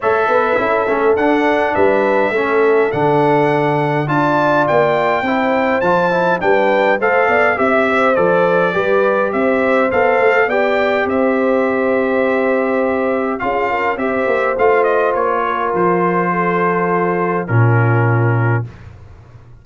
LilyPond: <<
  \new Staff \with { instrumentName = "trumpet" } { \time 4/4 \tempo 4 = 103 e''2 fis''4 e''4~ | e''4 fis''2 a''4 | g''2 a''4 g''4 | f''4 e''4 d''2 |
e''4 f''4 g''4 e''4~ | e''2. f''4 | e''4 f''8 dis''8 cis''4 c''4~ | c''2 ais'2 | }
  \new Staff \with { instrumentName = "horn" } { \time 4/4 cis''8 b'8 a'2 b'4 | a'2. d''4~ | d''4 c''2 b'4 | c''8 d''8 e''8 c''4. b'4 |
c''2 d''4 c''4~ | c''2. gis'8 ais'8 | c''2~ c''8 ais'4. | a'2 f'2 | }
  \new Staff \with { instrumentName = "trombone" } { \time 4/4 a'4 e'8 cis'8 d'2 | cis'4 d'2 f'4~ | f'4 e'4 f'8 e'8 d'4 | a'4 g'4 a'4 g'4~ |
g'4 a'4 g'2~ | g'2. f'4 | g'4 f'2.~ | f'2 cis'2 | }
  \new Staff \with { instrumentName = "tuba" } { \time 4/4 a8 b8 cis'8 a8 d'4 g4 | a4 d2 d'4 | ais4 c'4 f4 g4 | a8 b8 c'4 f4 g4 |
c'4 b8 a8 b4 c'4~ | c'2. cis'4 | c'8 ais8 a4 ais4 f4~ | f2 ais,2 | }
>>